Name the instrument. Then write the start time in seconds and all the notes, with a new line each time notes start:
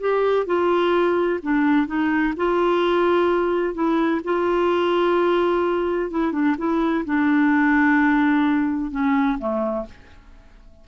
clarinet
0.00 G4
0.46 F4
1.43 D4
1.87 D#4
2.37 F4
3.74 E4
4.24 F4
6.11 E4
6.32 D4
6.58 E4
7.05 D4
8.91 C#4
9.39 A3